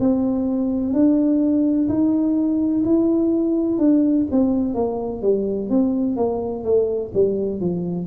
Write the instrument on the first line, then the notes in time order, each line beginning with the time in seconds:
tuba
0.00 C4
0.94 D4
1.89 D#4
2.85 E4
3.79 D4
4.32 C4
4.75 A#3
5.23 G3
5.70 C4
6.17 A#3
6.65 A3
7.14 G3
7.61 F3